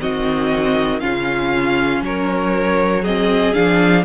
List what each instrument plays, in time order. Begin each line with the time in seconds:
0.00 cello D#3, viola C4, violin F#4 D#5
1.00 cello C#3, viola C#4, violin F4 F5
2.01 cello F#3, violin A#4 C#5
3.02 viola C4, violin G#4 D#5
3.53 cello F3, viola D4, violin F5